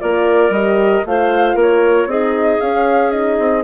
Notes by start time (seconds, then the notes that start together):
0.00 A#3 F4 A#4 D5
0.50 G3 G4 D#5
1.06 A3 F4 C5 F5
1.55 A#3 A#4
1.61 C#5
2.06 C4 D#4 G#4 D#5
2.61 C#4 F5
3.11 D#4 D#5
3.39 C4